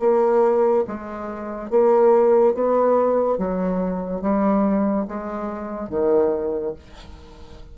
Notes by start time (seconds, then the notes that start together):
0.00 A#3
0.88 G#3
1.71 A#3
2.55 B3
3.38 F#3
4.22 G3
5.08 G#3
5.90 D#3